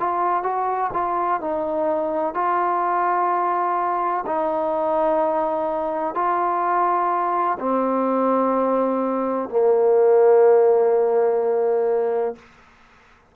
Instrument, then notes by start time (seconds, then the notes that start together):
trombone
0.00 F4
0.43 F#4
0.94 F4
1.41 D#4
2.35 F4
4.26 D#4
6.15 F4
7.60 C4
9.50 A#3